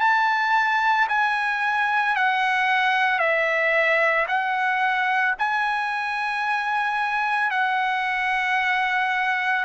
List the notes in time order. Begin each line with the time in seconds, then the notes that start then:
0.00 A5
1.09 G#5
2.16 F#5
3.19 E5
4.28 F#5
5.39 G#5
7.50 F#5